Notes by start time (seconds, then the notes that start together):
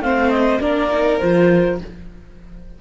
0.00 A3 C4 C5 F5
0.30 D#5
0.60 A#3 D4 A#4 D5
0.91 D#4
1.18 F3 F4 C5